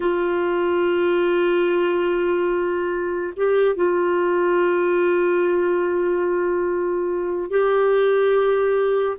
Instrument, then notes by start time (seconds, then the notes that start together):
clarinet
0.00 F4
3.36 G4
3.75 F4
7.50 G4